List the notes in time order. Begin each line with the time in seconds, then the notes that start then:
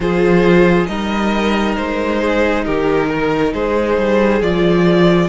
0.00 F3 F4 G#4 C5
0.87 G3 D#4 A#4 D#5
1.76 G#3 C5
2.21 G#4
2.65 D#3 G4 A#4
3.09 A#4
3.53 G#3 G#4 C5
3.97 G3
4.41 F3 F4 D5